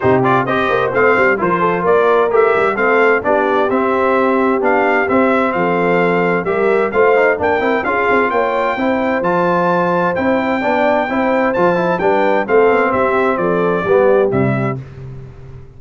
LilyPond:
<<
  \new Staff \with { instrumentName = "trumpet" } { \time 4/4 \tempo 4 = 130 c''8 d''8 dis''4 f''4 c''4 | d''4 e''4 f''4 d''4 | e''2 f''4 e''4 | f''2 e''4 f''4 |
g''4 f''4 g''2 | a''2 g''2~ | g''4 a''4 g''4 f''4 | e''4 d''2 e''4 | }
  \new Staff \with { instrumentName = "horn" } { \time 4/4 g'4 c''2 ais'8 a'8 | ais'2 a'4 g'4~ | g'1 | a'2 ais'4 c''4 |
ais'4 gis'4 cis''4 c''4~ | c''2. d''4 | c''2 b'4 a'4 | g'4 a'4 g'2 | }
  \new Staff \with { instrumentName = "trombone" } { \time 4/4 dis'8 f'8 g'4 c'4 f'4~ | f'4 g'4 c'4 d'4 | c'2 d'4 c'4~ | c'2 g'4 f'8 dis'8 |
d'8 e'8 f'2 e'4 | f'2 e'4 d'4 | e'4 f'8 e'8 d'4 c'4~ | c'2 b4 g4 | }
  \new Staff \with { instrumentName = "tuba" } { \time 4/4 c4 c'8 ais8 a8 g8 f4 | ais4 a8 g8 a4 b4 | c'2 b4 c'4 | f2 g4 a4 |
ais8 c'8 cis'8 c'8 ais4 c'4 | f2 c'4 b4 | c'4 f4 g4 a8 b8 | c'4 f4 g4 c4 | }
>>